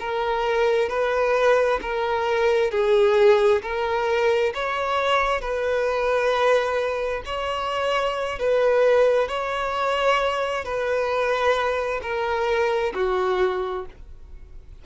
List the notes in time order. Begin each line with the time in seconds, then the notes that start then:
0.00 A#4
0.89 B4
1.82 A#4
2.71 G#4
3.62 A#4
4.55 C#5
5.41 B4
7.26 C#5
8.39 B4
9.28 C#5
10.64 B4
12.02 A#4
12.95 F#4